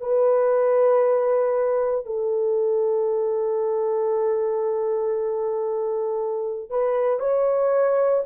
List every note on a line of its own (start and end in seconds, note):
0.00 2.05 B4
2.05 6.70 A4
6.70 7.19 B4
7.19 8.23 C#5